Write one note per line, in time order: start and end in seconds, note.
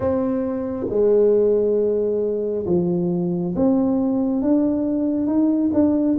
0.00 0.87 C4
0.89 2.65 G#3
2.66 3.54 F3
3.55 4.42 C4
4.42 5.26 D4
5.26 5.70 D#4
5.73 6.17 D4